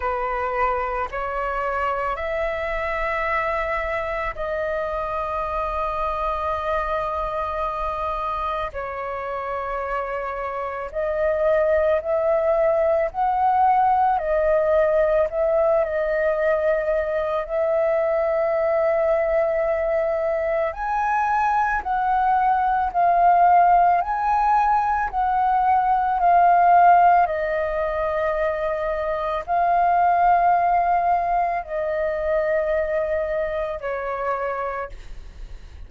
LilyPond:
\new Staff \with { instrumentName = "flute" } { \time 4/4 \tempo 4 = 55 b'4 cis''4 e''2 | dis''1 | cis''2 dis''4 e''4 | fis''4 dis''4 e''8 dis''4. |
e''2. gis''4 | fis''4 f''4 gis''4 fis''4 | f''4 dis''2 f''4~ | f''4 dis''2 cis''4 | }